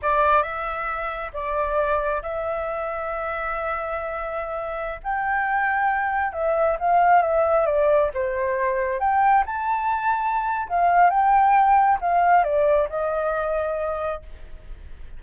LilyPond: \new Staff \with { instrumentName = "flute" } { \time 4/4 \tempo 4 = 135 d''4 e''2 d''4~ | d''4 e''2.~ | e''2.~ e''16 g''8.~ | g''2~ g''16 e''4 f''8.~ |
f''16 e''4 d''4 c''4.~ c''16~ | c''16 g''4 a''2~ a''8. | f''4 g''2 f''4 | d''4 dis''2. | }